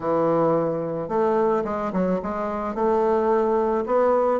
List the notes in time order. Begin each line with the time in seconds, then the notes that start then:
0.00 E3
1.08 A3
1.64 G#3
1.92 F#3
2.22 G#3
2.74 A3
3.85 B3